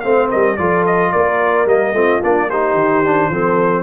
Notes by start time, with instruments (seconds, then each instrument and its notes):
0.00 tuba A3, trombone C4, horn C5, trumpet F5
0.30 tuba G3, horn A#4, trumpet D#5
0.57 tuba F3, trombone F4, horn A4, trumpet D5
0.86 trumpet D#5
1.12 tuba A#3, horn A#4, trumpet D5
1.66 tuba G3, trombone A#3, trumpet D#5
1.92 tuba A3, trombone C4, horn F4
2.22 tuba A#3, trombone D4, trumpet D5
2.49 trombone D#4, horn G4, trumpet C5
2.74 tuba D#3
3.05 trombone D4
3.29 tuba F3, trombone C4, horn A4